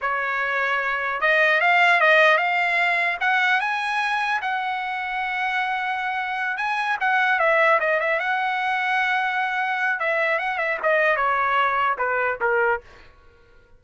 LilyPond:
\new Staff \with { instrumentName = "trumpet" } { \time 4/4 \tempo 4 = 150 cis''2. dis''4 | f''4 dis''4 f''2 | fis''4 gis''2 fis''4~ | fis''1~ |
fis''8 gis''4 fis''4 e''4 dis''8 | e''8 fis''2.~ fis''8~ | fis''4 e''4 fis''8 e''8 dis''4 | cis''2 b'4 ais'4 | }